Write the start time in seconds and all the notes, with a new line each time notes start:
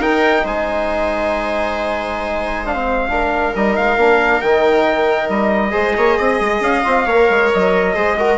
0.00 D#4 A#4 G5
0.45 G#3 C5 G#5
2.66 D4 F5
2.76 C4
3.09 D4 A#4
3.55 G3 D#4 D#5
3.76 G#3 F5
3.97 A#3 D4
4.41 D#3 D#4 G5
5.29 G3 D#5
5.71 G#3 G#4 C5
5.97 A#3 C#5
6.18 C4 D#5
6.41 G#3
6.60 C#4 F5
6.84 C4 F4
7.06 A#3 A#4 C#5
7.30 G#3
7.54 F#3 D#5
7.95 G#3 G#4 C5
8.19 F#4 A#4